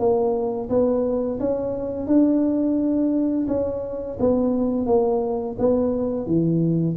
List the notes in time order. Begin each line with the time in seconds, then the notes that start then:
0.00 A#3
0.70 B3
1.40 C#4
2.07 D4
3.49 C#4
4.20 B3
4.87 A#3
5.59 B3
6.27 E3